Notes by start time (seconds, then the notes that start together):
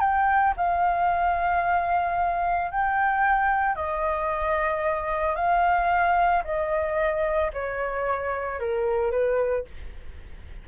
0.00 G5
0.57 F5
2.72 G5
3.76 D#5
5.36 F5
6.45 D#5
7.53 C#5
8.60 A#4
9.11 B4